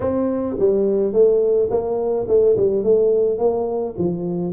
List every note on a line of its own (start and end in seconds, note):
0.00 0.56 C4
0.59 1.12 G3
1.12 1.69 A3
1.70 2.26 A#3
2.28 2.56 A3
2.57 2.83 G3
2.83 3.38 A3
3.38 3.95 A#3
3.98 4.53 F3